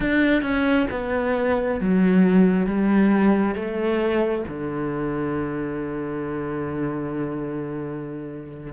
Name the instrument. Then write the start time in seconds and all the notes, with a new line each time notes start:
cello
0.00 D4
0.42 C#4
0.90 B3
1.80 F#3
2.66 G3
3.55 A3
4.48 D3